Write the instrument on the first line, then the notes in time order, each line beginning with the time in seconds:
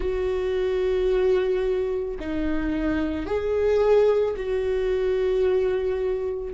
viola
0.00 F#4
2.19 D#4
3.25 G#4
4.36 F#4